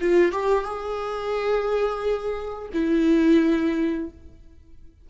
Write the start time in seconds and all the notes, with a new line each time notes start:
0.00 F4
0.31 G4
0.64 G#4
2.73 E4